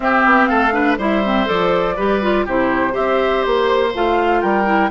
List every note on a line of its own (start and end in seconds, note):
0.00 0.72 C4
0.00 0.25 C4
0.00 0.48 G4
0.00 0.46 E5
0.25 0.49 B3
0.46 0.97 A3
0.46 0.73 A4
0.46 0.95 F5
0.72 0.97 D4
0.72 0.98 B4
0.97 1.47 G3
0.97 1.23 E4
0.97 1.96 C5
0.97 1.47 E5
1.24 1.46 C4
1.46 1.98 F3
1.46 1.95 A4
1.46 2.46 D5
1.96 2.46 G3
1.96 2.21 G4
1.96 2.45 B4
2.22 2.46 F4
2.45 2.95 C3
2.45 2.91 E4
2.45 2.93 G4
2.45 2.95 C5
2.91 3.45 C4
2.91 3.89 G4
2.91 4.40 C5
2.91 3.42 E5
3.42 3.94 A#3
3.42 3.91 C5
3.94 4.43 A3
3.94 4.64 F4
3.94 4.41 F5
4.41 4.90 G3
4.41 4.90 A#4
4.41 4.90 G5
4.64 4.89 E4